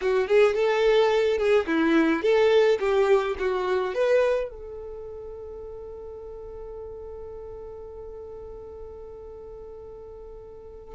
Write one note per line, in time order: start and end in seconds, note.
0.01 0.27 F#4
0.27 0.54 G#4
0.54 1.38 A4
1.38 1.66 G#4
1.66 2.22 E4
2.22 2.78 A4
2.79 3.35 G4
3.38 3.94 F#4
3.94 4.50 B4
4.50 10.95 A4